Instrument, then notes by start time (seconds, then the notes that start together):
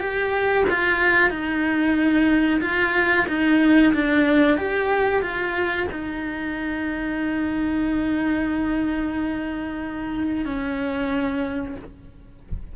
cello
0.00 G4
0.70 F4
1.30 D#4
2.61 F4
3.28 D#4
3.94 D4
4.58 G4
5.22 F4
5.92 D#4
10.46 C#4